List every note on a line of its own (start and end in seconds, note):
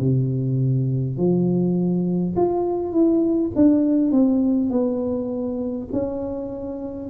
0.00 1.18 C3
1.18 2.35 F3
2.36 2.93 F4
2.93 3.51 E4
3.56 4.12 D4
4.12 4.71 C4
4.71 5.88 B3
5.92 7.10 C#4